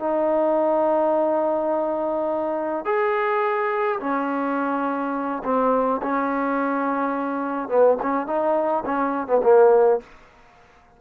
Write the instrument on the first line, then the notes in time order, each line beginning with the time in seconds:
trombone
0.00 D#4
2.85 G#4
4.00 C#4
5.44 C4
6.03 C#4
7.69 B3
8.03 C#4
8.27 D#4
8.86 C#4
9.28 B3
9.43 A#3